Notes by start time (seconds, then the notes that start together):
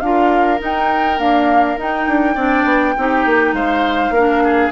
0.00 D4 F4 A#4 F5
0.58 D#4
0.64 G5
1.18 A#3 D4 F5
1.77 D#4 G5
2.07 D4
2.34 C4 D4 D5
2.64 B3
2.97 C4 D#4 G4
3.25 A#3
3.52 G#3 C5 F5
4.10 A#3 A#4
4.16 D4
4.44 G#4